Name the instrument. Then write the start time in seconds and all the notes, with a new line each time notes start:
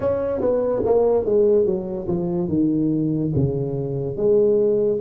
tuba
0.00 C#4
0.41 B3
0.85 A#3
1.25 G#3
1.65 F#3
2.07 F3
2.48 D#3
3.35 C#3
4.16 G#3